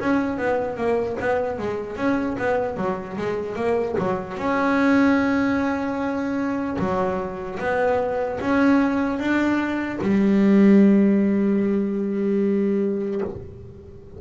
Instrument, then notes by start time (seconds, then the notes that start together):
double bass
0.00 C#4
0.37 B3
0.76 A#3
1.20 B3
1.58 G#3
1.96 C#4
2.38 B3
2.76 F#3
3.17 G#3
3.55 A#3
3.98 F#3
4.37 C#4
6.79 F#3
7.59 B3
8.40 C#4
9.19 D4
10.01 G3